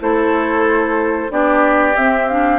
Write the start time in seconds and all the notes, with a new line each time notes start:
0.00 A3 E4 A4 C5
1.30 B3 D4 G4 D5
1.96 C4 E5
2.29 D4 F5